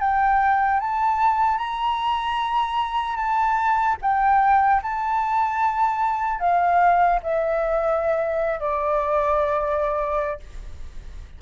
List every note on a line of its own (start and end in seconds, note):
0.00 0.80 G5
0.80 1.57 A5
1.57 3.16 A#5
3.16 3.96 A5
4.02 4.82 G5
4.83 6.40 A5
6.40 7.20 F5
7.23 8.59 E5
8.59 10.39 D5